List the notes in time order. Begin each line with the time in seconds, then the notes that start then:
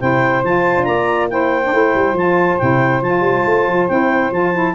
0.00 C3 E4 C5 G5
0.43 F3 F4 A5
0.76 D4
0.84 A#3 D5 A#5
1.29 E4 C5 G5
1.64 D4
1.72 A3 E4
1.95 G3
2.13 F3 F4 A5
2.58 C3 E4 G5
3.01 F3 F4 A5
3.20 G3
3.45 A3
3.67 F3
3.88 C4 E4 G5
4.31 F3 F4 A5
4.54 E4